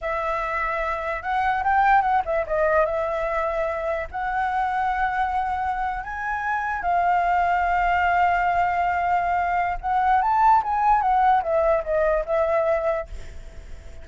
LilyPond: \new Staff \with { instrumentName = "flute" } { \time 4/4 \tempo 4 = 147 e''2. fis''4 | g''4 fis''8 e''8 dis''4 e''4~ | e''2 fis''2~ | fis''2~ fis''8. gis''4~ gis''16~ |
gis''8. f''2.~ f''16~ | f''1 | fis''4 a''4 gis''4 fis''4 | e''4 dis''4 e''2 | }